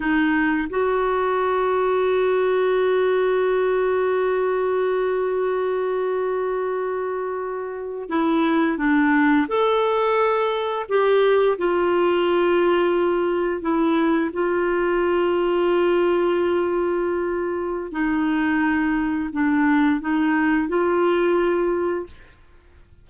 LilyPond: \new Staff \with { instrumentName = "clarinet" } { \time 4/4 \tempo 4 = 87 dis'4 fis'2.~ | fis'1~ | fis'2.~ fis'8. e'16~ | e'8. d'4 a'2 g'16~ |
g'8. f'2. e'16~ | e'8. f'2.~ f'16~ | f'2 dis'2 | d'4 dis'4 f'2 | }